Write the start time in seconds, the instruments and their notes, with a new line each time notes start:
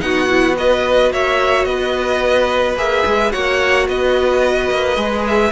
0.00 cello B3, viola D#4, violin F#4 F#5
0.29 viola E4
0.56 viola F#4, violin B4 D#5
1.12 cello A#3, violin C#5 E5
1.65 cello B3, violin B4 D#5
2.76 cello A#3, viola G#4, violin E5
3.06 cello G#3
3.32 cello A#3, viola F#4, violin C#5 F#5
3.88 cello B3, violin B4 D#5
4.71 cello A#3
4.96 cello G#3, viola G#4
5.27 violin E5